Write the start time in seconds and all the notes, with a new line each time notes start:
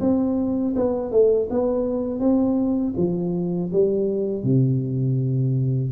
0.00 C4
0.75 B3
1.11 A3
1.50 B3
2.20 C4
2.97 F3
3.72 G3
4.43 C3